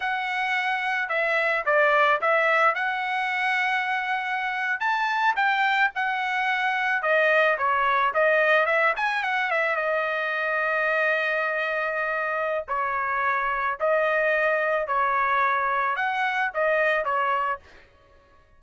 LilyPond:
\new Staff \with { instrumentName = "trumpet" } { \time 4/4 \tempo 4 = 109 fis''2 e''4 d''4 | e''4 fis''2.~ | fis''8. a''4 g''4 fis''4~ fis''16~ | fis''8. dis''4 cis''4 dis''4 e''16~ |
e''16 gis''8 fis''8 e''8 dis''2~ dis''16~ | dis''2. cis''4~ | cis''4 dis''2 cis''4~ | cis''4 fis''4 dis''4 cis''4 | }